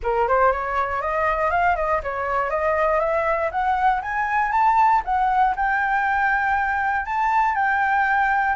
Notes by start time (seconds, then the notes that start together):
0.02 A#4
0.28 C5
0.52 C#5
1.01 D#5
1.51 F5
1.76 D#5
2.03 C#5
2.50 D#5
3.00 E5
3.51 F#5
4.02 G#5
4.51 A5
5.04 F#5
5.56 G5
7.05 A5
7.55 G5